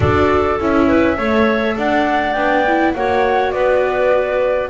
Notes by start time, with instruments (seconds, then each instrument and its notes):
0.00 double bass D4, viola F#4, clarinet A4, flute D5
0.59 double bass C#4, viola E4, flute E5
0.87 clarinet B4
1.16 double bass A3, viola A4, clarinet C#5
1.77 double bass D4, clarinet D5, flute F#5
2.32 double bass B3, viola D4, flute G5
2.67 viola E4
2.94 double bass A#3, viola F#4, clarinet C#5, flute F#5
3.50 double bass B3, clarinet B4, flute D5